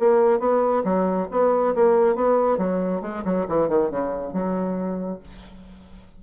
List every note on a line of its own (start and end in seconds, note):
0.00 0.40 A#3
0.40 0.83 B3
0.85 1.28 F#3
1.31 1.75 B3
1.75 2.16 A#3
2.16 2.58 B3
2.58 3.02 F#3
3.02 3.24 G#3
3.25 3.47 F#3
3.49 3.69 E3
3.69 3.91 D#3
3.91 4.33 C#3
4.33 5.20 F#3